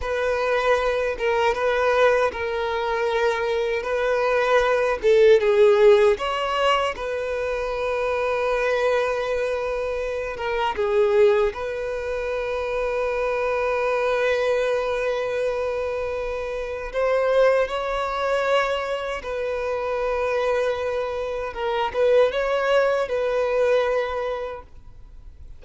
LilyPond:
\new Staff \with { instrumentName = "violin" } { \time 4/4 \tempo 4 = 78 b'4. ais'8 b'4 ais'4~ | ais'4 b'4. a'8 gis'4 | cis''4 b'2.~ | b'4. ais'8 gis'4 b'4~ |
b'1~ | b'2 c''4 cis''4~ | cis''4 b'2. | ais'8 b'8 cis''4 b'2 | }